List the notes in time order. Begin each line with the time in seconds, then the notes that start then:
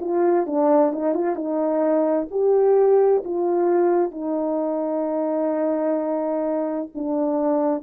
0.00 F4
0.46 D4
0.92 D#4
1.14 F4
1.36 D#4
2.31 G4
3.24 F4
4.11 D#4
6.94 D4